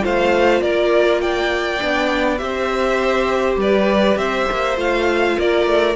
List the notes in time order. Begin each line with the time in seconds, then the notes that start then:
0.00 A3 F4 C5 F5
0.61 A#3 A#4 D5
1.21 D5 G5
1.81 B3 D4
2.37 C4 G4 C5 E5
3.56 G3 B4 D5
4.16 C4 C5 E5
4.51 A#3
4.76 A3 F4 F5
5.38 A#3 A#4 D5
5.66 A3